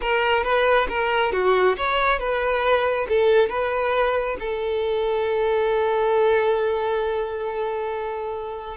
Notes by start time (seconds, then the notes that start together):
0.01 A#4
0.43 B4
0.88 A#4
1.32 F#4
1.76 C#5
2.19 B4
3.09 A4
3.49 B4
4.39 A4